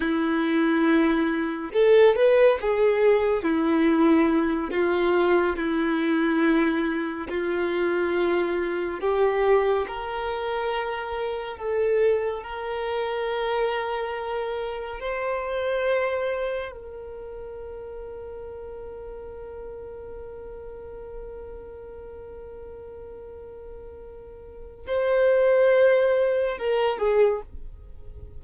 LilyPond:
\new Staff \with { instrumentName = "violin" } { \time 4/4 \tempo 4 = 70 e'2 a'8 b'8 gis'4 | e'4. f'4 e'4.~ | e'8 f'2 g'4 ais'8~ | ais'4. a'4 ais'4.~ |
ais'4. c''2 ais'8~ | ais'1~ | ais'1~ | ais'4 c''2 ais'8 gis'8 | }